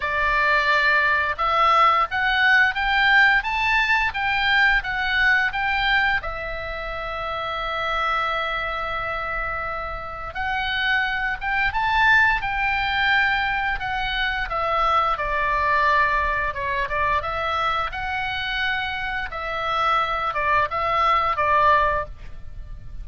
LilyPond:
\new Staff \with { instrumentName = "oboe" } { \time 4/4 \tempo 4 = 87 d''2 e''4 fis''4 | g''4 a''4 g''4 fis''4 | g''4 e''2.~ | e''2. fis''4~ |
fis''8 g''8 a''4 g''2 | fis''4 e''4 d''2 | cis''8 d''8 e''4 fis''2 | e''4. d''8 e''4 d''4 | }